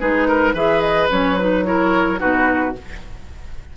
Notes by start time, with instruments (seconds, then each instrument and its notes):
0.00 bassoon G#3, clarinet D#4, oboe G#4, flute B4
0.28 oboe A#4
0.53 bassoon E3, clarinet G#4, oboe B4, flute E5
0.81 flute D#5
1.10 bassoon F#3, clarinet C#4, flute C#5
1.38 clarinet D#4, flute B4
1.65 clarinet E4, oboe A#4, flute C#5
2.18 bassoon B2, clarinet D#4, oboe F#4, flute B4